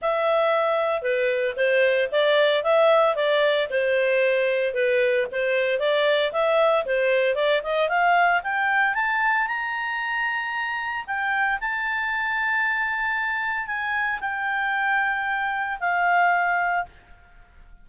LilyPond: \new Staff \with { instrumentName = "clarinet" } { \time 4/4 \tempo 4 = 114 e''2 b'4 c''4 | d''4 e''4 d''4 c''4~ | c''4 b'4 c''4 d''4 | e''4 c''4 d''8 dis''8 f''4 |
g''4 a''4 ais''2~ | ais''4 g''4 a''2~ | a''2 gis''4 g''4~ | g''2 f''2 | }